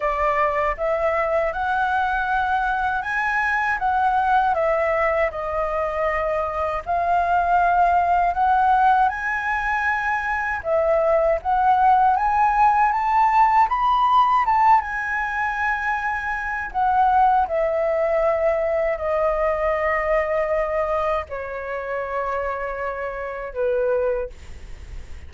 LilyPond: \new Staff \with { instrumentName = "flute" } { \time 4/4 \tempo 4 = 79 d''4 e''4 fis''2 | gis''4 fis''4 e''4 dis''4~ | dis''4 f''2 fis''4 | gis''2 e''4 fis''4 |
gis''4 a''4 b''4 a''8 gis''8~ | gis''2 fis''4 e''4~ | e''4 dis''2. | cis''2. b'4 | }